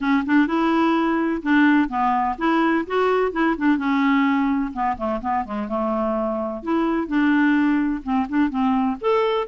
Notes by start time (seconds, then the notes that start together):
0.00 C#4
0.26 D4
0.47 E4
1.42 D4
1.88 B3
2.38 E4
2.86 F#4
3.32 E4
3.57 D4
3.77 C#4
4.73 B3
4.97 A3
5.21 B3
5.44 G#3
5.68 A3
6.62 E4
7.07 D4
8.03 C4
8.28 D4
8.49 C4
9.00 A4